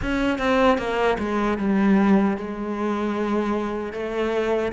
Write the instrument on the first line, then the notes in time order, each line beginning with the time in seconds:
cello
0.02 C#4
0.38 C4
0.78 A#3
1.18 G#3
1.58 G3
2.37 G#3
3.93 A3